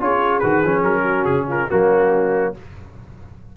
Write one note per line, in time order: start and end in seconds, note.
0.00 0.42 C#4
0.00 0.42 F4
0.00 1.03 G#4
0.00 0.40 C#5
0.40 0.64 D#3
0.40 0.64 F#4
0.40 0.82 B4
0.64 0.84 F3
0.64 1.70 C#4
0.84 1.26 F#3
0.84 1.25 A#4
1.03 1.45 F#4
1.25 1.68 C#3
1.25 1.46 G#4
1.48 1.69 F4
1.48 1.71 A#4
1.70 2.57 F#3
1.70 2.54 A#3
1.70 2.55 C#4
1.70 2.55 F#4